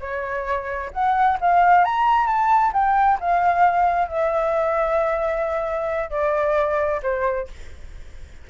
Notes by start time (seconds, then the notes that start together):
0.00 C#5
0.92 F#5
1.40 F5
1.84 A#5
2.26 A5
2.73 G5
3.20 F5
4.08 E5
6.10 D5
7.02 C5